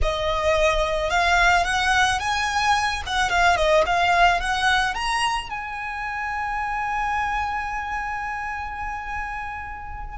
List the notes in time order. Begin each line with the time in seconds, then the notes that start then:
0.02 D#5
1.10 F5
1.64 F#5
2.19 G#5
3.06 F#5
3.29 F5
3.56 D#5
3.85 F5
4.40 F#5
4.94 A#5
5.49 G#5